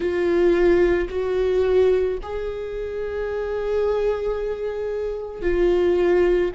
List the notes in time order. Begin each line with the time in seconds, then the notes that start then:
0.00 F4
1.09 F#4
2.22 G#4
5.41 F4